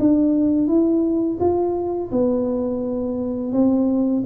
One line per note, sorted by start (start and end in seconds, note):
0.00 0.68 D4
0.68 1.39 E4
1.40 2.11 F4
2.12 3.53 B3
3.53 4.24 C4